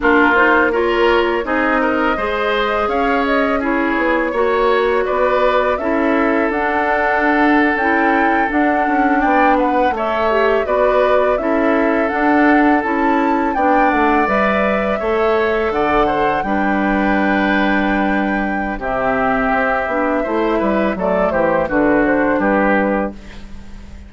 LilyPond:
<<
  \new Staff \with { instrumentName = "flute" } { \time 4/4 \tempo 4 = 83 ais'8 c''8 cis''4 dis''2 | f''8 dis''8 cis''2 d''4 | e''4 fis''4.~ fis''16 g''4 fis''16~ | fis''8. g''8 fis''8 e''4 d''4 e''16~ |
e''8. fis''4 a''4 g''8 fis''8 e''16~ | e''4.~ e''16 fis''4 g''4~ g''16~ | g''2 e''2~ | e''4 d''8 c''8 b'8 c''8 b'4 | }
  \new Staff \with { instrumentName = "oboe" } { \time 4/4 f'4 ais'4 gis'8 ais'8 c''4 | cis''4 gis'4 cis''4 b'4 | a'1~ | a'8. d''8 b'8 cis''4 b'4 a'16~ |
a'2~ a'8. d''4~ d''16~ | d''8. cis''4 d''8 c''8 b'4~ b'16~ | b'2 g'2 | c''8 b'8 a'8 g'8 fis'4 g'4 | }
  \new Staff \with { instrumentName = "clarinet" } { \time 4/4 d'8 dis'8 f'4 dis'4 gis'4~ | gis'4 e'4 fis'2 | e'4 d'4.~ d'16 e'4 d'16~ | d'4.~ d'16 a'8 g'8 fis'4 e'16~ |
e'8. d'4 e'4 d'4 b'16~ | b'8. a'2 d'4~ d'16~ | d'2 c'4. d'8 | e'4 a4 d'2 | }
  \new Staff \with { instrumentName = "bassoon" } { \time 4/4 ais2 c'4 gis4 | cis'4. b8 ais4 b4 | cis'4 d'4.~ d'16 cis'4 d'16~ | d'16 cis'8 b4 a4 b4 cis'16~ |
cis'8. d'4 cis'4 b8 a8 g16~ | g8. a4 d4 g4~ g16~ | g2 c4 c'8 b8 | a8 g8 fis8 e8 d4 g4 | }
>>